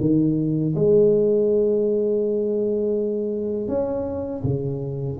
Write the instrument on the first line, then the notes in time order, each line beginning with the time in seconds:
tuba
0.00 D#3
0.75 G#3
3.68 C#4
4.43 C#3